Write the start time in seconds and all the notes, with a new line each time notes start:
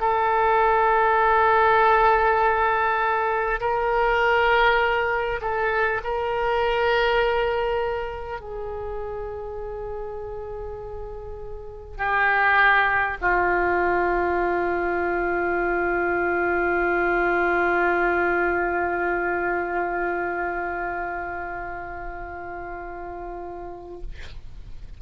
0.00 A4
3.61 A#4
5.42 A4
6.03 A#4
8.41 G#4
11.98 G4
13.22 F4